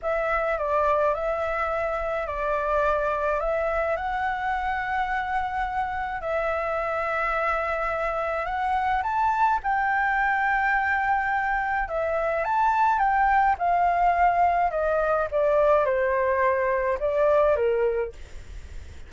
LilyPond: \new Staff \with { instrumentName = "flute" } { \time 4/4 \tempo 4 = 106 e''4 d''4 e''2 | d''2 e''4 fis''4~ | fis''2. e''4~ | e''2. fis''4 |
a''4 g''2.~ | g''4 e''4 a''4 g''4 | f''2 dis''4 d''4 | c''2 d''4 ais'4 | }